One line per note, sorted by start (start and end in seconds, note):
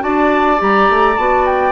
0.00 0.62 D4
0.00 0.58 F#4
0.00 1.73 D5
0.00 0.60 A5
0.58 0.90 G3
0.58 1.16 G4
0.58 1.18 A#5
0.90 1.18 A3
1.18 1.73 B3
1.18 1.73 F#4
1.18 1.46 A5
1.46 1.73 G5